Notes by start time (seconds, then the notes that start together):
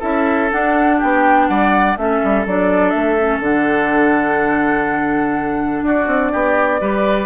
0.00 C#4 E4 A4 E5
0.51 D4 F#5
0.98 B3 G4 G5
1.48 G3 D5 F#5
1.97 A3 C#4 A4 E5
2.24 G3
2.46 F#3 D4 D5
2.90 A3 E5
3.19 C#4
3.40 D3 D4 F#5
5.83 D4 F#4 D5
6.07 C4
6.32 B3 G4
6.81 G3 G4 B4